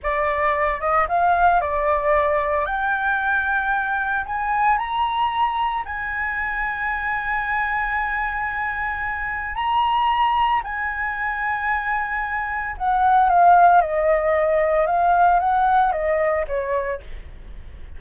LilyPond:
\new Staff \with { instrumentName = "flute" } { \time 4/4 \tempo 4 = 113 d''4. dis''8 f''4 d''4~ | d''4 g''2. | gis''4 ais''2 gis''4~ | gis''1~ |
gis''2 ais''2 | gis''1 | fis''4 f''4 dis''2 | f''4 fis''4 dis''4 cis''4 | }